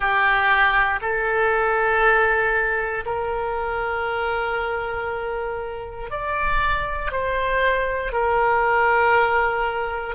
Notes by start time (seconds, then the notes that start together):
0.00 G4
1.01 A4
3.05 A#4
6.10 D5
7.11 C5
8.12 A#4